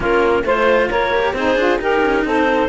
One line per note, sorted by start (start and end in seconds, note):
0.00 0.43 A#3
0.00 0.43 C#4
0.00 0.43 F4
0.00 0.46 A#4
0.43 0.88 A3
0.43 1.13 F4
0.43 0.89 C5
0.43 0.90 C5
0.89 1.33 A#3
0.89 1.34 A#4
0.89 1.35 C#5
1.13 1.36 G4
1.33 1.55 C4
1.33 1.58 D#4
1.33 1.78 G#4
1.33 1.80 C5
1.55 1.78 D4
1.55 1.79 F4
1.78 2.69 D#4
1.78 2.01 D#4
1.78 2.24 G4
1.78 2.27 A#4
2.01 2.23 C#4
2.24 2.69 C4
2.24 2.69 A4
2.24 2.69 C5